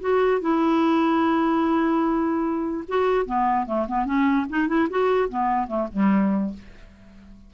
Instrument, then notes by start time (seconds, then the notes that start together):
clarinet
0.00 F#4
0.41 E4
2.88 F#4
3.25 B3
3.66 A3
3.88 B3
4.05 C#4
4.49 D#4
4.68 E4
4.89 F#4
5.29 B3
5.67 A3
5.92 G3